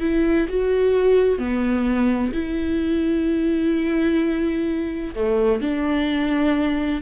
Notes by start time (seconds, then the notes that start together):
0.00 E4
0.48 F#4
1.38 B3
2.33 E4
5.15 A3
5.61 D4